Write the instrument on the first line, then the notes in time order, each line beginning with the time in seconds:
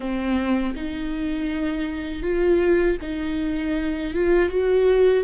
viola
0.00 C4
0.75 D#4
2.22 F4
3.01 D#4
4.14 F4
4.49 F#4